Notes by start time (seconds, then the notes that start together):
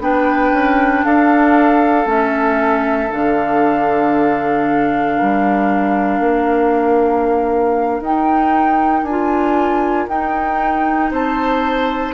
0.00 B3 D4 B4 G5
0.53 C#4
1.05 D4 A4 F5
2.06 A3 C#4 E5
3.11 D3 D4 F5
5.17 G3 A#4
6.20 A#3
8.01 D#4 G5
9.03 D4 G#5
9.10 F4
10.09 D#4 G5
11.12 C4 C5 A5